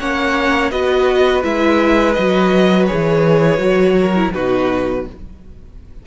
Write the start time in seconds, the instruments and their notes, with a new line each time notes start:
0.00 cello A#3, viola C#4, violin C#5 F#5
0.71 cello B3, viola F#4, violin B4 D#5
1.43 cello G#3, viola E4, violin E5
2.14 cello F#3, viola F#4, violin D#5
2.87 viola G#4, violin C#5
2.94 cello E3
3.58 cello F#3, viola F#4
4.01 violin A#4
4.16 viola E4
4.34 cello B2, viola D#4, violin F#4 B4